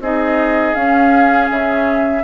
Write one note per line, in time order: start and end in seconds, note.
0.00 0.74 C4
0.00 0.75 D#4
0.00 2.24 G#4
0.00 0.75 D#5
0.75 2.23 C#4
0.75 1.49 C#4
0.75 1.49 F5
1.50 2.24 C#3
1.50 2.24 E5